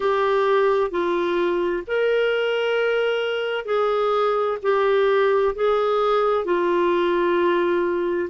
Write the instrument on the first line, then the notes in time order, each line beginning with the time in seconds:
clarinet
0.00 G4
0.90 F4
1.87 A#4
3.65 G#4
4.62 G4
5.55 G#4
6.44 F4